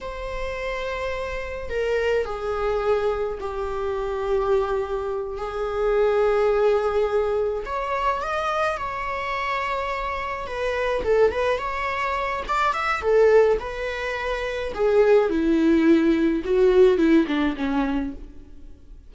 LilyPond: \new Staff \with { instrumentName = "viola" } { \time 4/4 \tempo 4 = 106 c''2. ais'4 | gis'2 g'2~ | g'4. gis'2~ gis'8~ | gis'4. cis''4 dis''4 cis''8~ |
cis''2~ cis''8 b'4 a'8 | b'8 cis''4. d''8 e''8 a'4 | b'2 gis'4 e'4~ | e'4 fis'4 e'8 d'8 cis'4 | }